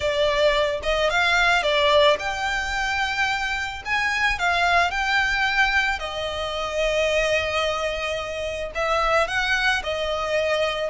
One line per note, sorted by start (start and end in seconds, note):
0.00 0.80 D5
0.82 1.09 D#5
1.09 1.62 F5
1.62 2.17 D5
2.19 3.82 G5
3.85 4.38 G#5
4.38 4.91 F5
4.91 5.99 G5
5.99 8.71 D#5
8.74 9.27 E5
9.27 9.82 F#5
9.83 10.90 D#5